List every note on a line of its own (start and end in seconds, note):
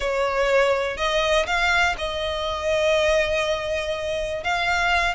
0.00 0.97 C#5
0.97 1.46 D#5
1.46 1.95 F5
1.97 4.43 D#5
4.43 5.14 F5